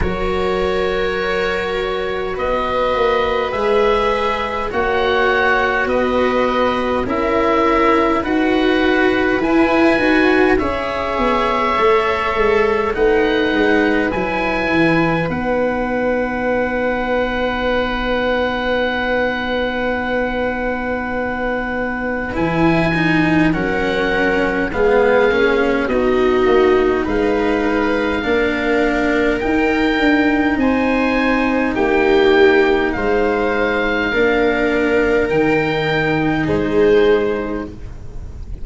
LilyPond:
<<
  \new Staff \with { instrumentName = "oboe" } { \time 4/4 \tempo 4 = 51 cis''2 dis''4 e''4 | fis''4 dis''4 e''4 fis''4 | gis''4 e''2 fis''4 | gis''4 fis''2.~ |
fis''2. gis''4 | fis''4 f''4 dis''4 f''4~ | f''4 g''4 gis''4 g''4 | f''2 g''4 c''4 | }
  \new Staff \with { instrumentName = "viola" } { \time 4/4 ais'2 b'2 | cis''4 b'4 ais'4 b'4~ | b'4 cis''2 b'4~ | b'1~ |
b'1 | ais'4 gis'4 fis'4 b'4 | ais'2 c''4 g'4 | c''4 ais'2 gis'4 | }
  \new Staff \with { instrumentName = "cello" } { \time 4/4 fis'2. gis'4 | fis'2 e'4 fis'4 | e'8 fis'8 gis'4 a'4 dis'4 | e'4 dis'2.~ |
dis'2. e'8 dis'8 | cis'4 b8 cis'8 dis'2 | d'4 dis'2.~ | dis'4 d'4 dis'2 | }
  \new Staff \with { instrumentName = "tuba" } { \time 4/4 fis2 b8 ais8 gis4 | ais4 b4 cis'4 dis'4 | e'8 dis'8 cis'8 b8 a8 gis8 a8 gis8 | fis8 e8 b2.~ |
b2. e4 | fis4 gis8 ais8 b8 ais8 gis4 | ais4 dis'8 d'8 c'4 ais4 | gis4 ais4 dis4 gis4 | }
>>